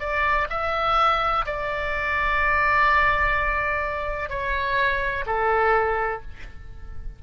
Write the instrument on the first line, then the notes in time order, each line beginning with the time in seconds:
oboe
0.00 D5
0.50 E5
1.46 D5
4.29 C#5
5.26 A4